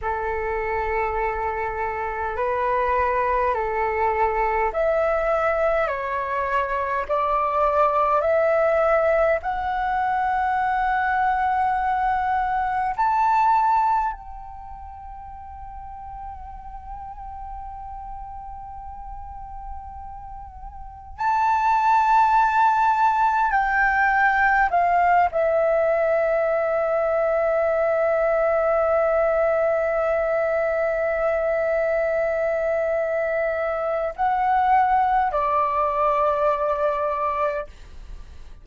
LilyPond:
\new Staff \with { instrumentName = "flute" } { \time 4/4 \tempo 4 = 51 a'2 b'4 a'4 | e''4 cis''4 d''4 e''4 | fis''2. a''4 | g''1~ |
g''2 a''2 | g''4 f''8 e''2~ e''8~ | e''1~ | e''4 fis''4 d''2 | }